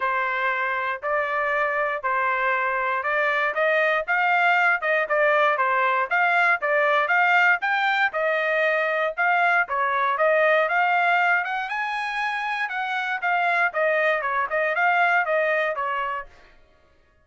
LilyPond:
\new Staff \with { instrumentName = "trumpet" } { \time 4/4 \tempo 4 = 118 c''2 d''2 | c''2 d''4 dis''4 | f''4. dis''8 d''4 c''4 | f''4 d''4 f''4 g''4 |
dis''2 f''4 cis''4 | dis''4 f''4. fis''8 gis''4~ | gis''4 fis''4 f''4 dis''4 | cis''8 dis''8 f''4 dis''4 cis''4 | }